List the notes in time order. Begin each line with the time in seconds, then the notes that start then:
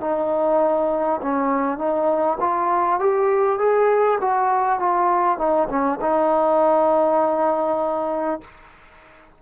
0.00 D#4
1.22 C#4
1.78 D#4
2.40 F4
2.99 G4
3.58 G#4
4.21 F#4
4.79 F4
5.38 D#4
5.69 C#4
6.01 D#4